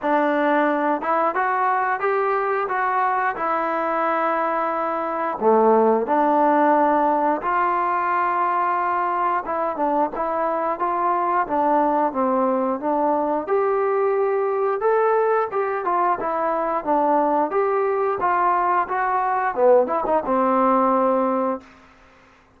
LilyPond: \new Staff \with { instrumentName = "trombone" } { \time 4/4 \tempo 4 = 89 d'4. e'8 fis'4 g'4 | fis'4 e'2. | a4 d'2 f'4~ | f'2 e'8 d'8 e'4 |
f'4 d'4 c'4 d'4 | g'2 a'4 g'8 f'8 | e'4 d'4 g'4 f'4 | fis'4 b8 e'16 dis'16 c'2 | }